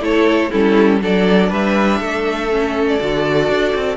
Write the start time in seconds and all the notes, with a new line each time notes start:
0.00 A3 E4 A4 C#5
0.51 G3 C#4 E4 A4
1.01 F#3 D4 A4 D5
1.49 G3 B4 E5
2.00 A3 A4
2.51 C#4
2.87 D5
2.99 D3 F#4
3.49 D4
3.75 C4